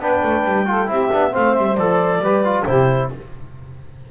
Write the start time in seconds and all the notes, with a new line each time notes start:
0.00 B3 D4 B4 G5
0.23 A3
0.45 G3
0.66 F4 A4
0.87 C4 E4 G4 E5
1.12 B3 D4
1.31 A3 C4 C5 F5
1.55 G3 E5
1.76 F3 A4 D5
2.20 G3 G4 B4
2.45 F4
2.65 C3 E4 G4 C5